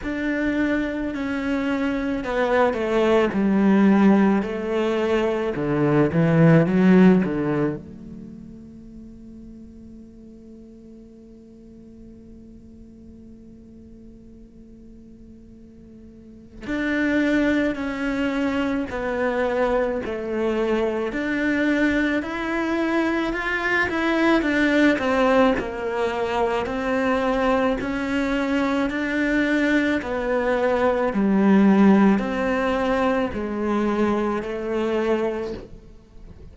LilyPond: \new Staff \with { instrumentName = "cello" } { \time 4/4 \tempo 4 = 54 d'4 cis'4 b8 a8 g4 | a4 d8 e8 fis8 d8 a4~ | a1~ | a2. d'4 |
cis'4 b4 a4 d'4 | e'4 f'8 e'8 d'8 c'8 ais4 | c'4 cis'4 d'4 b4 | g4 c'4 gis4 a4 | }